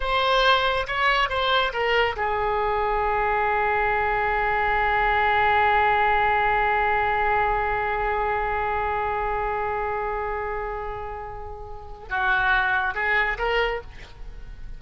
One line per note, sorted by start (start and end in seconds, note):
0.00 0.86 C5
0.87 1.29 C#5
1.29 1.72 C5
1.72 2.16 A#4
2.16 12.09 G#4
12.09 12.94 F#4
12.94 13.37 G#4
13.38 13.81 A#4